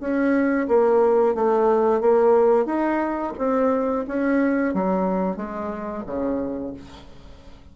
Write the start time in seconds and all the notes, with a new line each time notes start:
0.00 C#4
0.68 A#3
1.35 A3
2.01 A#3
2.66 D#4
3.38 C4
4.08 C#4
4.74 F#3
5.37 G#3
6.06 C#3